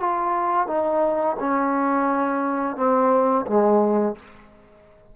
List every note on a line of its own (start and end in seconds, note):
0.00 0.67 F4
0.67 1.36 D#4
1.39 2.76 C#4
2.76 3.45 C4
3.46 4.15 G#3